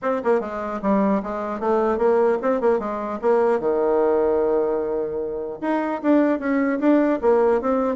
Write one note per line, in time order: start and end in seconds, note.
0.02 0.22 C4
0.23 0.40 A#3
0.40 0.80 G#3
0.82 1.22 G3
1.22 1.60 G#3
1.60 1.97 A3
1.97 2.37 A#3
2.42 2.60 C4
2.60 2.79 A#3
2.79 3.19 G#3
3.21 3.59 A#3
3.59 5.59 D#3
5.61 6.01 D#4
6.02 6.39 D4
6.39 6.79 C#4
6.79 7.19 D4
7.21 7.61 A#3
7.61 7.95 C4